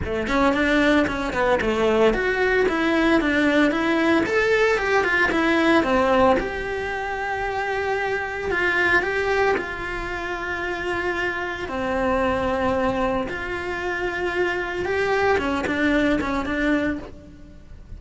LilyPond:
\new Staff \with { instrumentName = "cello" } { \time 4/4 \tempo 4 = 113 a8 cis'8 d'4 cis'8 b8 a4 | fis'4 e'4 d'4 e'4 | a'4 g'8 f'8 e'4 c'4 | g'1 |
f'4 g'4 f'2~ | f'2 c'2~ | c'4 f'2. | g'4 cis'8 d'4 cis'8 d'4 | }